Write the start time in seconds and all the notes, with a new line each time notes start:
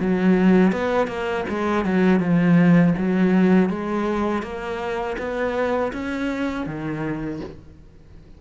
0.00 F#3
0.72 B3
1.08 A#3
1.49 G#3
1.86 F#3
2.20 F3
2.98 F#3
3.70 G#3
4.43 A#3
5.18 B3
5.93 C#4
6.66 D#3